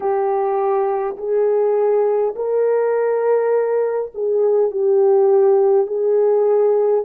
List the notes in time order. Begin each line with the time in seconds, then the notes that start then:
0.00 G4
1.17 G#4
2.35 A#4
4.14 G#4
4.71 G4
5.87 G#4